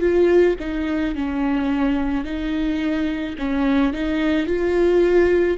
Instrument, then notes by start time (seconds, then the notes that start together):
viola
0.00 F4
0.59 D#4
1.15 C#4
2.24 D#4
3.38 C#4
3.93 D#4
4.46 F4